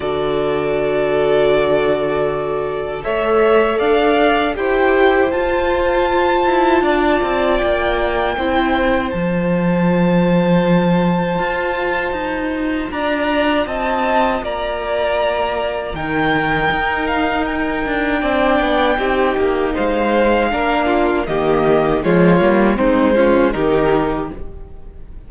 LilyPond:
<<
  \new Staff \with { instrumentName = "violin" } { \time 4/4 \tempo 4 = 79 d''1 | e''4 f''4 g''4 a''4~ | a''2 g''2 | a''1~ |
a''4 ais''4 a''4 ais''4~ | ais''4 g''4. f''8 g''4~ | g''2 f''2 | dis''4 cis''4 c''4 ais'4 | }
  \new Staff \with { instrumentName = "violin" } { \time 4/4 a'1 | cis''4 d''4 c''2~ | c''4 d''2 c''4~ | c''1~ |
c''4 d''4 dis''4 d''4~ | d''4 ais'2. | d''4 g'4 c''4 ais'8 f'8 | g'4 f'4 dis'8 f'8 g'4 | }
  \new Staff \with { instrumentName = "viola" } { \time 4/4 fis'1 | a'2 g'4 f'4~ | f'2. e'4 | f'1~ |
f'1~ | f'4 dis'2. | d'4 dis'2 d'4 | ais4 gis8 ais8 c'8 cis'8 dis'4 | }
  \new Staff \with { instrumentName = "cello" } { \time 4/4 d1 | a4 d'4 e'4 f'4~ | f'8 e'8 d'8 c'8 ais4 c'4 | f2. f'4 |
dis'4 d'4 c'4 ais4~ | ais4 dis4 dis'4. d'8 | c'8 b8 c'8 ais8 gis4 ais4 | dis4 f8 g8 gis4 dis4 | }
>>